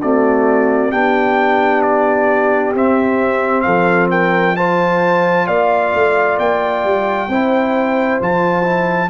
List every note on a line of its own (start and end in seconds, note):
0.00 0.92 A3
0.00 0.93 C4
0.00 0.91 F#4
0.00 0.91 D5
0.91 2.74 B3
0.91 2.73 D4
0.91 3.63 G4
0.91 1.81 G5
1.81 2.72 D5
2.74 3.65 C4
2.74 4.56 C4
2.74 3.61 E5
3.61 5.47 F3
3.61 4.10 A4
3.61 4.06 F5
4.10 4.55 A#4
4.10 4.56 G5
4.56 7.29 F4
4.56 5.46 C5
4.56 5.46 A5
5.46 5.92 A#3
5.46 7.27 D5
5.46 6.37 F5
5.93 6.38 A3
6.38 6.83 A#3
6.38 8.20 G5
6.84 7.28 G3
7.28 8.19 C4
7.28 8.21 E4
7.28 9.09 C5
8.20 9.09 F3
8.20 8.62 F4
8.20 9.09 A5
8.62 9.08 E4